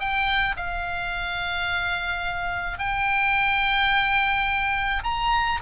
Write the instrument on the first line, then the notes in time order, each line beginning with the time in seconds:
oboe
0.00 G5
0.57 F5
2.79 G5
5.04 A#5